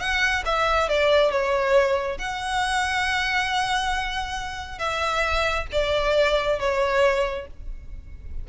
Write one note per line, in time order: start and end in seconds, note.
0.00 0.44 F#5
0.46 0.89 E5
0.89 1.31 D5
1.31 2.19 C#5
2.19 4.79 F#5
4.79 5.67 E5
5.72 6.60 D5
6.60 7.47 C#5